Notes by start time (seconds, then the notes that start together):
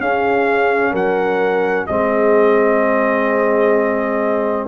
0.00 C#4 G#4 F5
0.92 F#3 A#4 F#5
1.87 G#3 C4 G#4 D#5